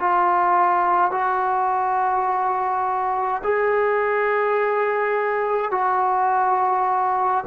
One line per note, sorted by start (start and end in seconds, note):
0.00 1.12 F4
1.12 3.42 F#4
3.44 5.71 G#4
5.71 7.44 F#4